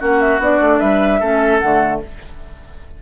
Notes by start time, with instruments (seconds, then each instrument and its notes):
0.00 bassoon A#3, clarinet C#4, oboe F#4, flute F#5
0.21 flute E5
0.39 bassoon B3, clarinet D4, flute D5
0.61 bassoon A3
0.80 bassoon G3, oboe B4, flute E5
1.21 bassoon A3, clarinet C#4, oboe A4
1.60 bassoon D3, clarinet A3, flute F#5